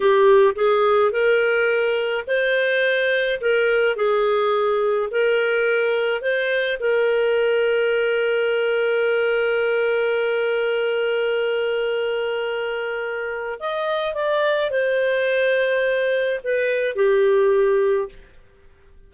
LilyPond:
\new Staff \with { instrumentName = "clarinet" } { \time 4/4 \tempo 4 = 106 g'4 gis'4 ais'2 | c''2 ais'4 gis'4~ | gis'4 ais'2 c''4 | ais'1~ |
ais'1~ | ais'1 | dis''4 d''4 c''2~ | c''4 b'4 g'2 | }